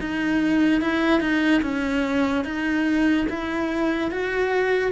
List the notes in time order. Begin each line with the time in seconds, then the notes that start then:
0.00 D#4
0.81 E4
1.20 D#4
1.62 C#4
2.44 D#4
3.29 E4
4.11 F#4